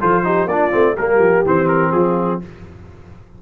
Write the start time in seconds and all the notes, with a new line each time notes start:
0.00 F3 F4 A4 C5
0.24 D#4 G4
0.46 A#3 D4 F4 D5
0.71 A3 C4
0.95 G3 A#3 G4 A#4
1.18 F3
1.45 E3 C4 C5
1.68 A#4
1.91 F3 F4 G#4